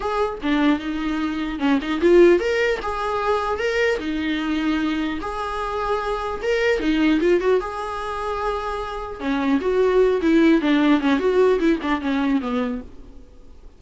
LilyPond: \new Staff \with { instrumentName = "viola" } { \time 4/4 \tempo 4 = 150 gis'4 d'4 dis'2 | cis'8 dis'8 f'4 ais'4 gis'4~ | gis'4 ais'4 dis'2~ | dis'4 gis'2. |
ais'4 dis'4 f'8 fis'8 gis'4~ | gis'2. cis'4 | fis'4. e'4 d'4 cis'8 | fis'4 e'8 d'8 cis'4 b4 | }